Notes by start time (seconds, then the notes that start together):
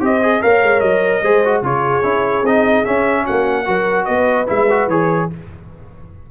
0.00 C4 G4 C5 D#5
0.22 G#4
0.41 A#3 A#4 C#5 F5
0.62 G#3
0.80 F#3 D#5
1.23 G#3 G#4 C5
1.44 F#4
1.62 C#3 F4 G#4 C#5
2.03 C#4 E4
2.42 C4 D#4 D#5
2.85 C#4 E5
3.23 A#3 F#4 F#5
3.65 F#3 F#4 A#4
4.05 B3 B4 D#5
4.47 G#3 E4 E5
4.70 F#4
4.87 E3 G#4 C#5